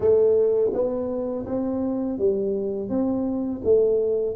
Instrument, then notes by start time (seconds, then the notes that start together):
tuba
0.00 A3
0.73 B3
1.46 C4
2.18 G3
2.89 C4
3.63 A3